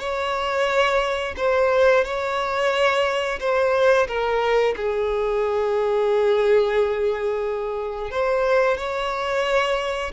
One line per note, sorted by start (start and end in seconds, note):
0.00 1.35 C#5
1.37 2.04 C5
2.05 3.40 C#5
3.40 4.08 C5
4.08 4.75 A#4
4.77 8.11 G#4
8.11 8.78 C5
8.78 10.12 C#5